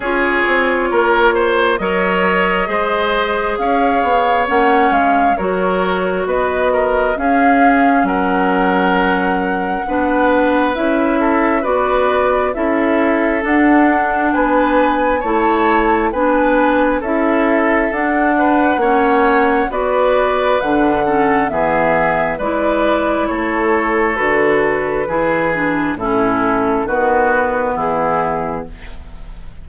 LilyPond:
<<
  \new Staff \with { instrumentName = "flute" } { \time 4/4 \tempo 4 = 67 cis''2 dis''2 | f''4 fis''8 f''8 cis''4 dis''4 | f''4 fis''2. | e''4 d''4 e''4 fis''4 |
gis''4 a''4 gis''4 e''4 | fis''2 d''4 fis''4 | e''4 d''4 cis''4 b'4~ | b'4 a'4 b'4 gis'4 | }
  \new Staff \with { instrumentName = "oboe" } { \time 4/4 gis'4 ais'8 c''8 cis''4 c''4 | cis''2 ais'4 b'8 ais'8 | gis'4 ais'2 b'4~ | b'8 a'8 b'4 a'2 |
b'4 cis''4 b'4 a'4~ | a'8 b'8 cis''4 b'4. a'8 | gis'4 b'4 a'2 | gis'4 e'4 fis'4 e'4 | }
  \new Staff \with { instrumentName = "clarinet" } { \time 4/4 f'2 ais'4 gis'4~ | gis'4 cis'4 fis'2 | cis'2. d'4 | e'4 fis'4 e'4 d'4~ |
d'4 e'4 d'4 e'4 | d'4 cis'4 fis'4 d'8 cis'8 | b4 e'2 fis'4 | e'8 d'8 cis'4 b2 | }
  \new Staff \with { instrumentName = "bassoon" } { \time 4/4 cis'8 c'8 ais4 fis4 gis4 | cis'8 b8 ais8 gis8 fis4 b4 | cis'4 fis2 b4 | cis'4 b4 cis'4 d'4 |
b4 a4 b4 cis'4 | d'4 ais4 b4 d4 | e4 gis4 a4 d4 | e4 a,4 dis4 e4 | }
>>